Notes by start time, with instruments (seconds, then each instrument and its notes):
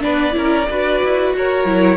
0.00 cello B3, viola D4, violin B4 D5
0.32 cello C#4, viola E4, violin A#4
0.69 cello D4, viola F#4, violin B4
1.03 cello E4
1.33 cello F#4, violin A#4 C#5
1.64 cello F#3, viola E4